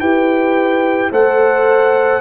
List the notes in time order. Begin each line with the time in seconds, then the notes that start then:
0.00 E4 G4 B4 G5
1.12 A3 A4 C5 F#5